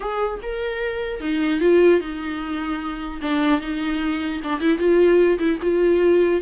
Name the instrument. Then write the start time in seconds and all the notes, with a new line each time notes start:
viola
0.00 G#4
0.42 A#4
1.20 D#4
1.60 F4
2.00 D#4
3.21 D4
3.61 D#4
4.43 D4
4.60 E4
4.78 F4
5.39 E4
5.61 F4